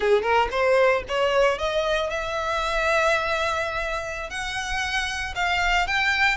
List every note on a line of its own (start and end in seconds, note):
0.00 0.22 G#4
0.22 0.48 A#4
0.51 1.03 C5
1.08 1.58 C#5
1.58 2.10 D#5
2.10 4.29 E5
4.29 5.34 F#5
5.35 5.87 F5
5.87 6.36 G5